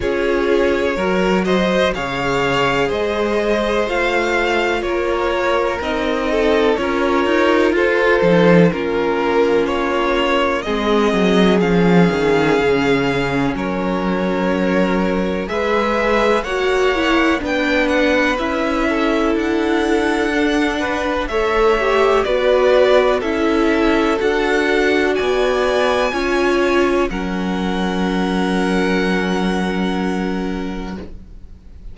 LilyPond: <<
  \new Staff \with { instrumentName = "violin" } { \time 4/4 \tempo 4 = 62 cis''4. dis''8 f''4 dis''4 | f''4 cis''4 dis''4 cis''4 | c''4 ais'4 cis''4 dis''4 | f''2 cis''2 |
e''4 fis''4 g''8 fis''8 e''4 | fis''2 e''4 d''4 | e''4 fis''4 gis''2 | fis''1 | }
  \new Staff \with { instrumentName = "violin" } { \time 4/4 gis'4 ais'8 c''8 cis''4 c''4~ | c''4 ais'4. a'8 ais'4 | a'4 f'2 gis'4~ | gis'2 ais'2 |
b'4 cis''4 b'4. a'8~ | a'4. b'8 cis''4 b'4 | a'2 d''4 cis''4 | ais'1 | }
  \new Staff \with { instrumentName = "viola" } { \time 4/4 f'4 fis'4 gis'2 | f'2 dis'4 f'4~ | f'8 dis'8 cis'2 c'4 | cis'1 |
gis'4 fis'8 e'8 d'4 e'4~ | e'4 d'4 a'8 g'8 fis'4 | e'4 fis'2 f'4 | cis'1 | }
  \new Staff \with { instrumentName = "cello" } { \time 4/4 cis'4 fis4 cis4 gis4 | a4 ais4 c'4 cis'8 dis'8 | f'8 f8 ais2 gis8 fis8 | f8 dis8 cis4 fis2 |
gis4 ais4 b4 cis'4 | d'2 a4 b4 | cis'4 d'4 b4 cis'4 | fis1 | }
>>